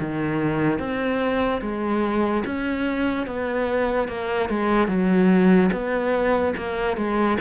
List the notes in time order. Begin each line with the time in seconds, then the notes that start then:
0.00 D#3
0.79 C4
1.62 G#3
2.45 C#4
3.27 B3
4.08 A#3
4.49 G#3
4.88 F#3
5.72 B3
6.58 A#3
6.97 G#3